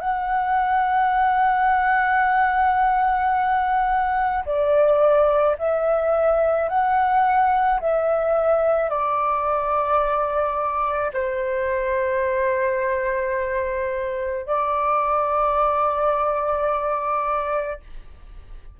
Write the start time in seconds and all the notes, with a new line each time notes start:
0.00 F#5
4.45 D5
5.58 E5
6.69 F#5
7.80 E5
8.89 D5
11.13 C5
14.46 D5